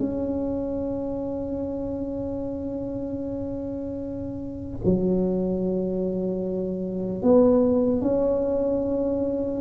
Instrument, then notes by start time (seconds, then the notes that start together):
tuba
0.00 C#4
4.85 F#3
7.23 B3
8.02 C#4